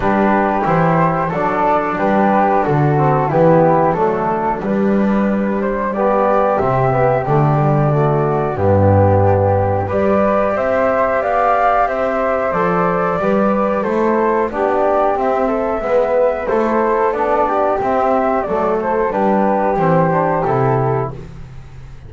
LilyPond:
<<
  \new Staff \with { instrumentName = "flute" } { \time 4/4 \tempo 4 = 91 b'4 c''4 d''4 b'4 | a'4 g'4 a'4 b'4~ | b'8 c''8 d''4 e''4 d''4~ | d''4 g'2 d''4 |
e''4 f''4 e''4 d''4~ | d''4 c''4 d''4 e''4~ | e''4 c''4 d''4 e''4 | d''8 c''8 b'4 c''4 a'4 | }
  \new Staff \with { instrumentName = "flute" } { \time 4/4 g'2 a'4 g'4 | fis'4 e'4 d'2~ | d'4 g'2. | fis'4 d'2 b'4 |
c''4 d''4 c''2 | b'4 a'4 g'4. a'8 | b'4 a'4. g'4. | a'4 g'2. | }
  \new Staff \with { instrumentName = "trombone" } { \time 4/4 d'4 e'4 d'2~ | d'8 c'8 b4 a4 g4~ | g4 b4 c'8 b8 a8 g8 | a4 b2 g'4~ |
g'2. a'4 | g'4 e'4 d'4 c'4 | b4 e'4 d'4 c'4 | a4 d'4 c'8 d'8 e'4 | }
  \new Staff \with { instrumentName = "double bass" } { \time 4/4 g4 e4 fis4 g4 | d4 e4 fis4 g4~ | g2 c4 d4~ | d4 g,2 g4 |
c'4 b4 c'4 f4 | g4 a4 b4 c'4 | gis4 a4 b4 c'4 | fis4 g4 e4 c4 | }
>>